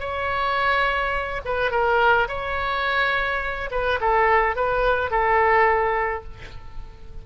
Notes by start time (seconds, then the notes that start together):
0.00 C#5
1.45 B4
1.71 A#4
2.28 C#5
3.71 B4
4.01 A4
4.56 B4
5.11 A4